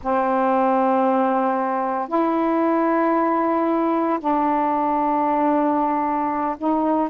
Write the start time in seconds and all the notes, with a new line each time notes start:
0.02 C4
2.08 E4
4.19 D4
6.57 D#4